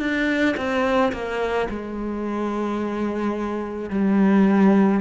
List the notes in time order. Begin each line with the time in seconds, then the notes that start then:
0.00 D4
0.57 C4
1.13 A#3
1.70 G#3
3.90 G3